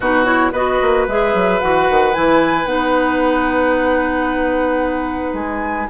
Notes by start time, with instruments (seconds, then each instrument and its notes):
0.00 bassoon B2, clarinet D#4, oboe F#4, flute B4
0.24 clarinet E4, flute C#5
0.52 bassoon B3, clarinet F#4, oboe B4, flute D#5
0.81 bassoon A#3
1.07 bassoon G#3, clarinet G#4, flute E5
1.33 bassoon F#3
1.60 bassoon E3, clarinet F#4, flute F#5
1.89 bassoon D#3
2.13 bassoon E3, clarinet E4, flute G#5
2.65 bassoon B3, clarinet D#4, flute F#5
5.33 bassoon G#3, flute G#5